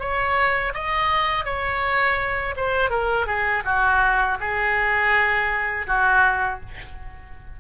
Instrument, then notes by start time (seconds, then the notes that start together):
oboe
0.00 C#5
0.74 D#5
1.45 C#5
2.57 C5
2.90 A#4
3.27 G#4
3.65 F#4
4.40 G#4
5.87 F#4